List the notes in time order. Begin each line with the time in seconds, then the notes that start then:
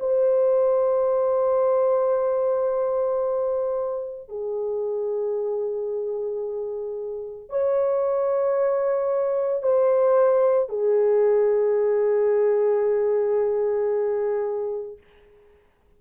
0.00 C5
4.29 G#4
7.50 C#5
9.62 C5
10.69 G#4